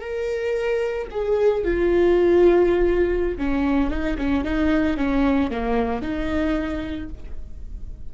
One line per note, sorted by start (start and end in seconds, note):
0.00 1.07 A#4
1.10 1.64 G#4
1.64 3.38 F4
3.38 3.90 C#4
3.90 4.17 D#4
4.17 4.44 C#4
4.44 4.97 D#4
4.97 5.51 C#4
5.51 6.02 A#3
6.02 7.09 D#4